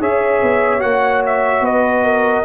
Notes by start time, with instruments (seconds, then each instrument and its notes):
0.00 tuba C#4, trombone G#4, horn C#5, trumpet E5
0.43 tuba B3
0.80 tuba A#3, trombone F#4, trumpet F#5
1.26 trumpet E5
1.61 tuba B3, horn B4, trumpet D#5
2.05 horn A#4